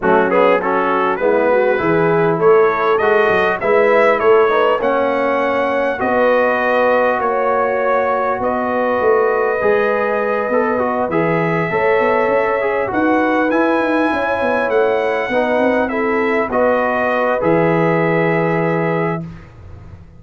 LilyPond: <<
  \new Staff \with { instrumentName = "trumpet" } { \time 4/4 \tempo 4 = 100 fis'8 gis'8 a'4 b'2 | cis''4 dis''4 e''4 cis''4 | fis''2 dis''2 | cis''2 dis''2~ |
dis''2~ dis''8 e''4.~ | e''4. fis''4 gis''4.~ | gis''8 fis''2 e''4 dis''8~ | dis''4 e''2. | }
  \new Staff \with { instrumentName = "horn" } { \time 4/4 cis'4 fis'4 e'8 fis'8 gis'4 | a'2 b'4 a'8 b'8 | cis''2 b'2 | cis''2 b'2~ |
b'2.~ b'8 cis''8~ | cis''4. b'2 cis''8~ | cis''4. b'4 a'4 b'8~ | b'1 | }
  \new Staff \with { instrumentName = "trombone" } { \time 4/4 a8 b8 cis'4 b4 e'4~ | e'4 fis'4 e'4. dis'8 | cis'2 fis'2~ | fis'1 |
gis'4. a'8 fis'8 gis'4 a'8~ | a'4 gis'8 fis'4 e'4.~ | e'4. dis'4 e'4 fis'8~ | fis'4 gis'2. | }
  \new Staff \with { instrumentName = "tuba" } { \time 4/4 fis2 gis4 e4 | a4 gis8 fis8 gis4 a4 | ais2 b2 | ais2 b4 a4 |
gis4. b4 e4 a8 | b8 cis'4 dis'4 e'8 dis'8 cis'8 | b8 a4 b8 c'4. b8~ | b4 e2. | }
>>